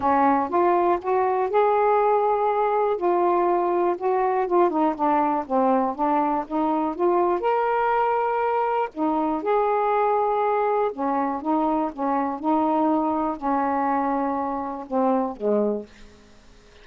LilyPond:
\new Staff \with { instrumentName = "saxophone" } { \time 4/4 \tempo 4 = 121 cis'4 f'4 fis'4 gis'4~ | gis'2 f'2 | fis'4 f'8 dis'8 d'4 c'4 | d'4 dis'4 f'4 ais'4~ |
ais'2 dis'4 gis'4~ | gis'2 cis'4 dis'4 | cis'4 dis'2 cis'4~ | cis'2 c'4 gis4 | }